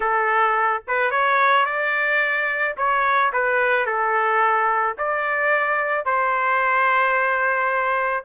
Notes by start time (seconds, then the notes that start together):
0.00 A4
0.87 B4
1.10 C#5
1.65 D5
2.77 C#5
3.33 B4
3.86 A4
4.98 D5
6.05 C5